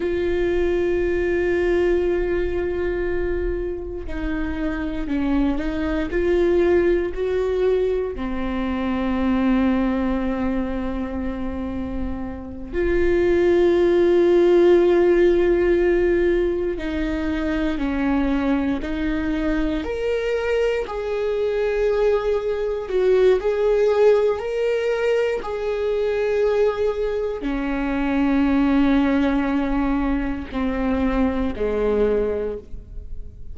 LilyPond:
\new Staff \with { instrumentName = "viola" } { \time 4/4 \tempo 4 = 59 f'1 | dis'4 cis'8 dis'8 f'4 fis'4 | c'1~ | c'8 f'2.~ f'8~ |
f'8 dis'4 cis'4 dis'4 ais'8~ | ais'8 gis'2 fis'8 gis'4 | ais'4 gis'2 cis'4~ | cis'2 c'4 gis4 | }